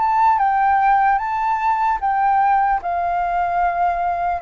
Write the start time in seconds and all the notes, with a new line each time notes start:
0.00 A5
0.39 G5
1.19 A5
2.01 G5
2.83 F5